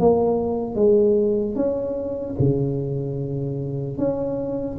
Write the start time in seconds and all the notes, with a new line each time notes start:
0.00 A#3
0.76 G#3
1.56 C#4
2.40 C#3
3.99 C#4